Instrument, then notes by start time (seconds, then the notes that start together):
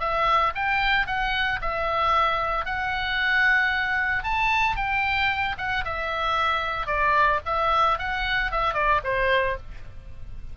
oboe
0.00 E5
0.55 G5
1.06 F#5
1.61 E5
2.65 F#5
4.23 A5
4.76 G5
5.58 F#5
5.85 E5
6.87 D5
7.46 E5
7.99 F#5
8.51 E5
8.74 D5
9.04 C5